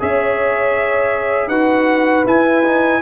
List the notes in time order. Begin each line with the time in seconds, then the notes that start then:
0.00 C#4 G#4 C#5 E5
1.48 D#4 F#4 B4 F#5
2.26 E4 G#5
2.65 D#4